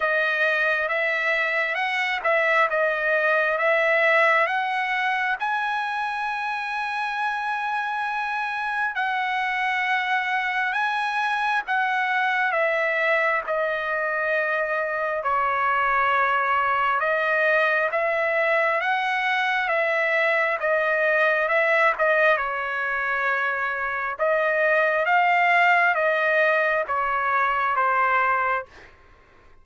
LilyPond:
\new Staff \with { instrumentName = "trumpet" } { \time 4/4 \tempo 4 = 67 dis''4 e''4 fis''8 e''8 dis''4 | e''4 fis''4 gis''2~ | gis''2 fis''2 | gis''4 fis''4 e''4 dis''4~ |
dis''4 cis''2 dis''4 | e''4 fis''4 e''4 dis''4 | e''8 dis''8 cis''2 dis''4 | f''4 dis''4 cis''4 c''4 | }